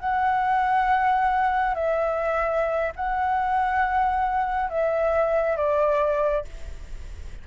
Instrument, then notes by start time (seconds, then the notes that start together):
flute
0.00 F#5
1.75 E5
2.96 F#5
4.70 E5
5.56 D5